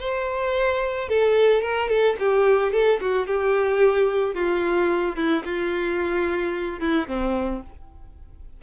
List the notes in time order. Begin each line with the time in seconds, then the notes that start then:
0.00 C5
1.09 A4
1.62 A#4
1.89 A4
2.19 G4
2.73 A4
3.01 F#4
3.27 G4
4.35 F4
5.16 E4
5.45 F4
6.80 E4
7.08 C4